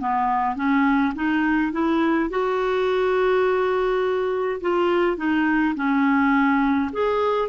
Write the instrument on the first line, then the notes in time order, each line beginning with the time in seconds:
clarinet
0.00 B3
0.56 C#4
1.15 D#4
1.73 E4
2.30 F#4
4.61 F4
5.17 D#4
5.76 C#4
6.93 G#4